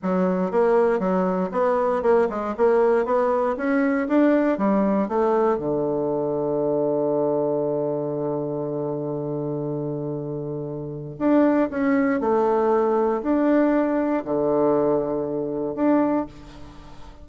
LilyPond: \new Staff \with { instrumentName = "bassoon" } { \time 4/4 \tempo 4 = 118 fis4 ais4 fis4 b4 | ais8 gis8 ais4 b4 cis'4 | d'4 g4 a4 d4~ | d1~ |
d1~ | d2 d'4 cis'4 | a2 d'2 | d2. d'4 | }